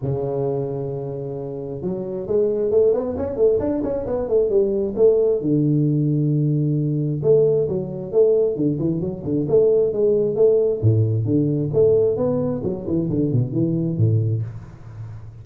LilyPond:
\new Staff \with { instrumentName = "tuba" } { \time 4/4 \tempo 4 = 133 cis1 | fis4 gis4 a8 b8 cis'8 a8 | d'8 cis'8 b8 a8 g4 a4 | d1 |
a4 fis4 a4 d8 e8 | fis8 d8 a4 gis4 a4 | a,4 d4 a4 b4 | fis8 e8 d8 b,8 e4 a,4 | }